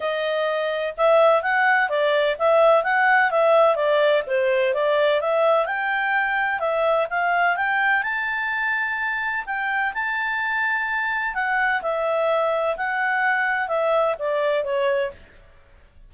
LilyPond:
\new Staff \with { instrumentName = "clarinet" } { \time 4/4 \tempo 4 = 127 dis''2 e''4 fis''4 | d''4 e''4 fis''4 e''4 | d''4 c''4 d''4 e''4 | g''2 e''4 f''4 |
g''4 a''2. | g''4 a''2. | fis''4 e''2 fis''4~ | fis''4 e''4 d''4 cis''4 | }